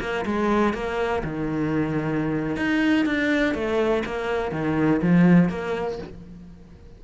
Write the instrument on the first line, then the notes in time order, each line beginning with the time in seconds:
cello
0.00 A#3
0.25 G#3
0.74 A#3
1.23 D#3
2.56 D#4
3.05 D4
3.54 A3
4.05 A#3
4.52 D#3
5.02 F3
5.49 A#3